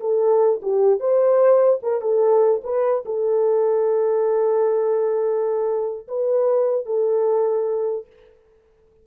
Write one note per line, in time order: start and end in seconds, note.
0.00 0.60 A4
0.62 0.99 G4
0.99 1.80 C5
1.82 2.01 A#4
2.01 2.62 A4
2.64 3.04 B4
3.05 6.07 A4
6.08 6.85 B4
6.85 8.06 A4